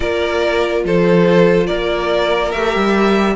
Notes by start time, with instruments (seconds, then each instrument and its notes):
0.00 cello A#3, viola F4, violin A#4 D5
0.84 cello F3, violin A4 C5
1.66 cello A#3, violin A#4 D5
2.51 cello A3, viola G4, violin E5
2.75 cello G3